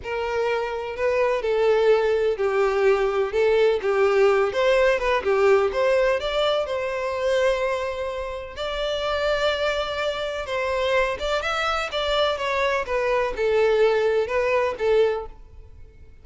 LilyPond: \new Staff \with { instrumentName = "violin" } { \time 4/4 \tempo 4 = 126 ais'2 b'4 a'4~ | a'4 g'2 a'4 | g'4. c''4 b'8 g'4 | c''4 d''4 c''2~ |
c''2 d''2~ | d''2 c''4. d''8 | e''4 d''4 cis''4 b'4 | a'2 b'4 a'4 | }